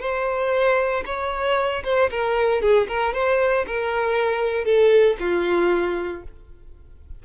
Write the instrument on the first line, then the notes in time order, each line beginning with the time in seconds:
violin
0.00 C5
1.05 C#5
1.84 C5
2.10 A#4
2.61 G#4
2.88 A#4
3.13 C5
3.67 A#4
4.65 A4
5.19 F4